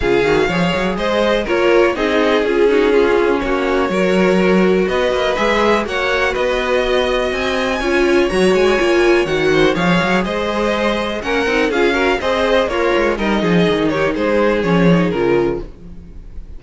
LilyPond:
<<
  \new Staff \with { instrumentName = "violin" } { \time 4/4 \tempo 4 = 123 f''2 dis''4 cis''4 | dis''4 gis'2 cis''4~ | cis''2 dis''4 e''4 | fis''4 dis''2 gis''4~ |
gis''4 ais''8 gis''4. fis''4 | f''4 dis''2 fis''4 | f''4 dis''4 cis''4 dis''4~ | dis''8 cis''8 c''4 cis''4 ais'4 | }
  \new Staff \with { instrumentName = "violin" } { \time 4/4 gis'4 cis''4 c''4 ais'4 | gis'4. fis'8 f'4 fis'4 | ais'2 b'2 | cis''4 b'4 dis''2 |
cis''2.~ cis''8 c''8 | cis''4 c''2 ais'4 | gis'8 ais'8 c''4 f'4 ais'8 gis'8~ | gis'8 g'8 gis'2. | }
  \new Staff \with { instrumentName = "viola" } { \time 4/4 f'8 fis'8 gis'2 f'4 | dis'4 f'8 dis'8 cis'2 | fis'2. gis'4 | fis'1 |
f'4 fis'4 f'4 fis'4 | gis'2. cis'8 dis'8 | f'8 fis'8 gis'4 ais'4 dis'4~ | dis'2 cis'8 dis'8 f'4 | }
  \new Staff \with { instrumentName = "cello" } { \time 4/4 cis8 dis8 f8 fis8 gis4 ais4 | c'4 cis'2 ais4 | fis2 b8 ais8 gis4 | ais4 b2 c'4 |
cis'4 fis8 gis8 ais4 dis4 | f8 fis8 gis2 ais8 c'8 | cis'4 c'4 ais8 gis8 g8 f8 | dis4 gis4 f4 cis4 | }
>>